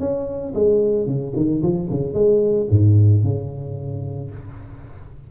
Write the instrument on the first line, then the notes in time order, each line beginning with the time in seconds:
tuba
0.00 C#4
0.54 G#3
1.06 C#3
1.36 D#3
1.63 F3
1.91 C#3
2.14 G#3
2.71 G#2
3.24 C#3